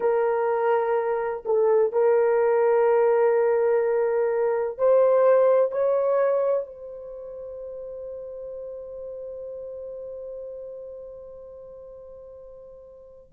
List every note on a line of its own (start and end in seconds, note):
0.00 1.43 A#4
1.45 1.92 A4
1.92 4.77 A#4
4.77 5.71 C5
5.71 6.66 C#5
6.66 13.32 C5